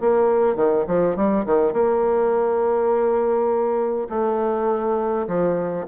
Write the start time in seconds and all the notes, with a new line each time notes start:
0.00 A#3
0.56 D#3
0.87 F3
1.16 G3
1.45 D#3
1.72 A#3
4.09 A3
5.27 F3